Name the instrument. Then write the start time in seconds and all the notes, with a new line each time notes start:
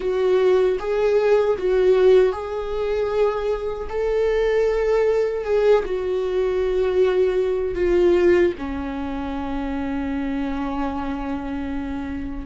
viola
0.00 F#4
0.79 G#4
1.57 F#4
2.32 G#4
3.89 A4
5.44 G#4
5.85 F#4
7.74 F4
8.57 C#4